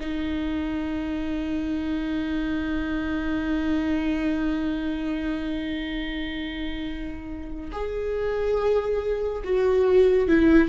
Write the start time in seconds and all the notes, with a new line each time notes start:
0.00 D#4
7.72 G#4
9.44 F#4
10.28 E4